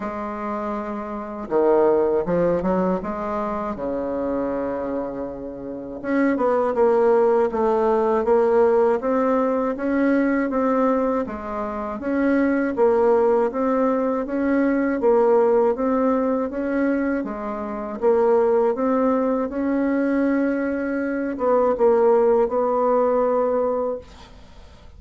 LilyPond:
\new Staff \with { instrumentName = "bassoon" } { \time 4/4 \tempo 4 = 80 gis2 dis4 f8 fis8 | gis4 cis2. | cis'8 b8 ais4 a4 ais4 | c'4 cis'4 c'4 gis4 |
cis'4 ais4 c'4 cis'4 | ais4 c'4 cis'4 gis4 | ais4 c'4 cis'2~ | cis'8 b8 ais4 b2 | }